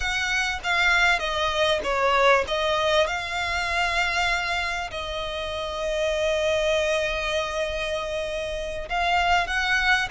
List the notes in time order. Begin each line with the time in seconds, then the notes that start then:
0.00 F#5
0.63 F5
1.19 D#5
1.83 C#5
2.47 D#5
3.06 F5
4.90 D#5
8.89 F5
9.47 F#5